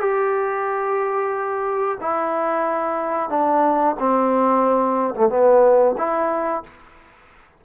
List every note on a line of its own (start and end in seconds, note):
0.00 1.98 G4
2.00 3.29 E4
3.29 3.95 D4
3.99 5.14 C4
5.14 5.29 A3
5.29 5.95 B3
5.97 6.63 E4